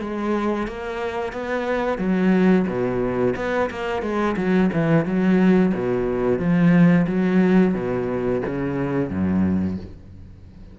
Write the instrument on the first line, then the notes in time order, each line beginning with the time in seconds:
cello
0.00 G#3
0.67 A#3
1.32 B3
1.98 F#3
2.67 B2
3.36 B3
3.70 A#3
4.02 G#3
4.36 F#3
4.73 E3
5.05 F#3
5.74 B2
6.39 F3
7.07 F#3
7.74 B2
8.46 C#3
9.10 F#2